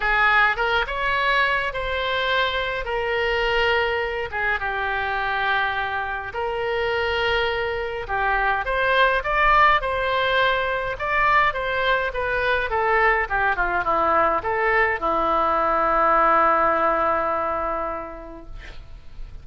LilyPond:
\new Staff \with { instrumentName = "oboe" } { \time 4/4 \tempo 4 = 104 gis'4 ais'8 cis''4. c''4~ | c''4 ais'2~ ais'8 gis'8 | g'2. ais'4~ | ais'2 g'4 c''4 |
d''4 c''2 d''4 | c''4 b'4 a'4 g'8 f'8 | e'4 a'4 e'2~ | e'1 | }